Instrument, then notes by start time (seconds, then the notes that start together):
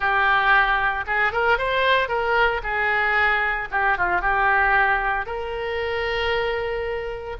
oboe
0.00 G4
1.06 G#4
1.32 A#4
1.58 C5
2.08 A#4
2.63 G#4
3.71 G4
3.97 F4
4.21 G4
5.26 A#4